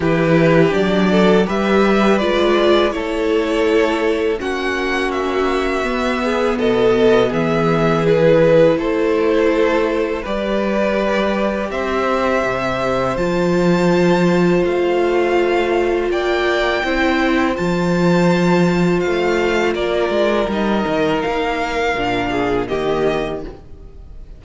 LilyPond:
<<
  \new Staff \with { instrumentName = "violin" } { \time 4/4 \tempo 4 = 82 b'4 d''4 e''4 d''4 | cis''2 fis''4 e''4~ | e''4 dis''4 e''4 b'4 | c''2 d''2 |
e''2 a''2 | f''2 g''2 | a''2 f''4 d''4 | dis''4 f''2 dis''4 | }
  \new Staff \with { instrumentName = "violin" } { \time 4/4 g'4. a'8 b'2 | a'2 fis'2~ | fis'8 gis'8 a'4 gis'2 | a'2 b'2 |
c''1~ | c''2 d''4 c''4~ | c''2. ais'4~ | ais'2~ ais'8 gis'8 g'4 | }
  \new Staff \with { instrumentName = "viola" } { \time 4/4 e'4 d'4 g'4 f'4 | e'2 cis'2 | b2. e'4~ | e'2 g'2~ |
g'2 f'2~ | f'2. e'4 | f'1 | dis'2 d'4 ais4 | }
  \new Staff \with { instrumentName = "cello" } { \time 4/4 e4 fis4 g4 gis4 | a2 ais2 | b4 b,4 e2 | a2 g2 |
c'4 c4 f2 | a2 ais4 c'4 | f2 a4 ais8 gis8 | g8 dis8 ais4 ais,4 dis4 | }
>>